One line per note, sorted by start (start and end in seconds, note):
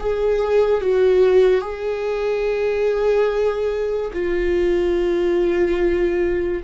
0.00 0.81 G#4
0.81 1.61 F#4
1.61 4.11 G#4
4.14 6.64 F4